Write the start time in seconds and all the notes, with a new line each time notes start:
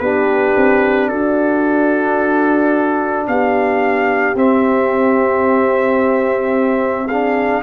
0.00 B3 D4 G4 B4
0.57 C4
1.09 D4 F#4 A4
3.28 B3 G4 F5
4.35 C4 E5
7.08 D4 G#4 F5